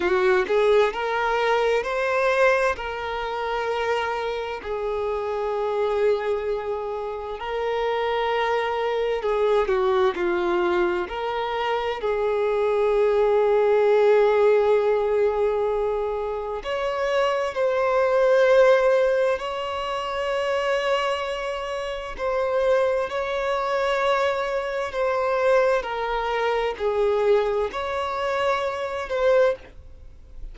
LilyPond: \new Staff \with { instrumentName = "violin" } { \time 4/4 \tempo 4 = 65 fis'8 gis'8 ais'4 c''4 ais'4~ | ais'4 gis'2. | ais'2 gis'8 fis'8 f'4 | ais'4 gis'2.~ |
gis'2 cis''4 c''4~ | c''4 cis''2. | c''4 cis''2 c''4 | ais'4 gis'4 cis''4. c''8 | }